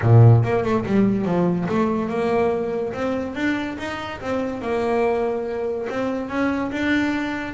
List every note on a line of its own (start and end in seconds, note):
0.02 0.43 A#2
0.43 0.64 A#3
0.64 0.85 A3
0.86 1.25 G3
1.25 1.67 F3
1.68 2.08 A3
2.08 2.92 A#3
2.93 3.35 C4
3.35 3.77 D4
3.78 4.20 D#4
4.21 4.61 C4
4.61 5.87 A#3
5.89 6.29 C4
6.29 6.71 C#4
6.71 7.54 D4